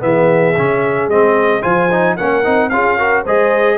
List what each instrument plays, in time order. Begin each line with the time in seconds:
0.00 tuba E3, trombone B3, horn G#4, trumpet E5
0.56 tuba C#3, trombone C#4
1.08 tuba G#3, trombone C4, trumpet D#5
1.61 tuba F3, trombone F4, horn C5, trumpet G#5
1.91 trombone D#4
2.16 tuba A#3, trombone C#4, horn A#4, trumpet F#5
2.44 tuba C4, trombone D#4
2.69 tuba C#4, trombone F4, horn G#4, trumpet F5
2.98 trombone F#4, horn A#4
3.23 tuba G#3, trombone G#4, horn C5, trumpet D#5